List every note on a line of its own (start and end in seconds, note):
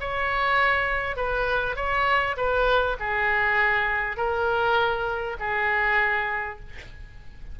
0.00 1.16 C#5
1.16 1.76 B4
1.76 2.36 C#5
2.37 2.97 B4
3.00 4.17 G#4
4.17 5.37 A#4
5.40 6.60 G#4